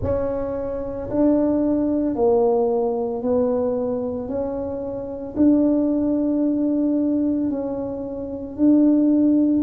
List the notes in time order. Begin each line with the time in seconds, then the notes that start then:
0.02 C#4
1.10 D4
2.15 A#3
3.22 B3
4.28 C#4
5.36 D4
7.50 C#4
8.56 D4